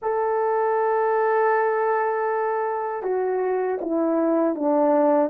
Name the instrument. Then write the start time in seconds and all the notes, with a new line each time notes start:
horn
0.02 A4
3.02 F#4
3.81 E4
4.55 D4